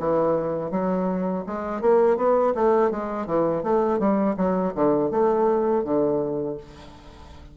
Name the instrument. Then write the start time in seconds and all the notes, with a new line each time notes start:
bassoon
0.00 E3
0.71 F#3
1.47 G#3
1.81 A#3
2.17 B3
2.55 A3
2.91 G#3
3.27 E3
3.64 A3
3.99 G3
4.37 F#3
4.75 D3
5.11 A3
5.84 D3